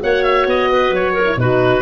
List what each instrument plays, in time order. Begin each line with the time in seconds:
0.00 tuba A#3, horn F#4, clarinet C#5, oboe F#5
0.24 oboe E5
0.47 tuba B3, oboe D#5
0.72 clarinet B4
0.91 tuba F#3, oboe C#5
1.14 clarinet A#4
1.26 horn E4
1.37 tuba B2, horn D#4, clarinet F#4, oboe B4